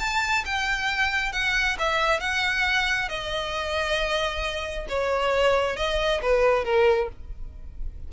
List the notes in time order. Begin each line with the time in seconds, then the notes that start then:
0.00 A5
0.46 G5
1.33 F#5
1.79 E5
2.20 F#5
3.09 D#5
4.89 C#5
5.77 D#5
6.22 B4
6.65 A#4